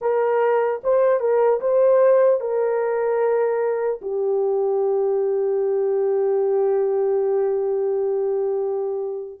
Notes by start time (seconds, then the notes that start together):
0.01 A#4
0.83 C5
1.20 A#4
1.60 C5
2.40 A#4
4.01 G4